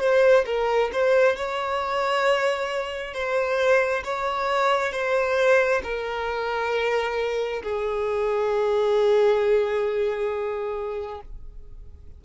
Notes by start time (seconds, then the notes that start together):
0.00 C5
0.46 A#4
0.92 C5
1.36 C#5
3.14 C5
4.04 C#5
4.92 C5
5.83 A#4
7.63 G#4